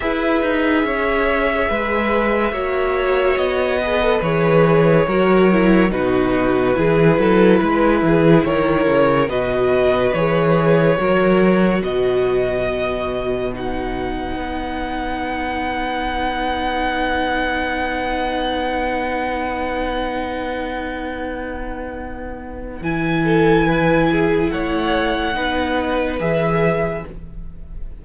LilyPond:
<<
  \new Staff \with { instrumentName = "violin" } { \time 4/4 \tempo 4 = 71 e''1 | dis''4 cis''2 b'4~ | b'2 cis''4 dis''4 | cis''2 dis''2 |
fis''1~ | fis''1~ | fis''2. gis''4~ | gis''4 fis''2 e''4 | }
  \new Staff \with { instrumentName = "violin" } { \time 4/4 b'4 cis''4 b'4 cis''4~ | cis''8 b'4. ais'4 fis'4 | gis'8 a'8 b'8 gis'8 ais'4 b'4~ | b'4 ais'4 b'2~ |
b'1~ | b'1~ | b'2.~ b'8 a'8 | b'8 gis'8 cis''4 b'2 | }
  \new Staff \with { instrumentName = "viola" } { \time 4/4 gis'2. fis'4~ | fis'8 gis'16 a'16 gis'4 fis'8 e'8 dis'4 | e'2. fis'4 | gis'4 fis'2. |
dis'1~ | dis'1~ | dis'2. e'4~ | e'2 dis'4 gis'4 | }
  \new Staff \with { instrumentName = "cello" } { \time 4/4 e'8 dis'8 cis'4 gis4 ais4 | b4 e4 fis4 b,4 | e8 fis8 gis8 e8 dis8 cis8 b,4 | e4 fis4 b,2~ |
b,4 b2.~ | b1~ | b2. e4~ | e4 a4 b4 e4 | }
>>